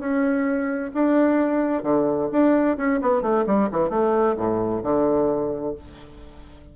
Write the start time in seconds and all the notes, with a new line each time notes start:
0.00 C#4
0.94 D4
1.83 D3
2.32 D4
2.78 C#4
3.02 B3
3.22 A3
3.47 G3
3.72 E3
3.90 A3
4.37 A2
4.84 D3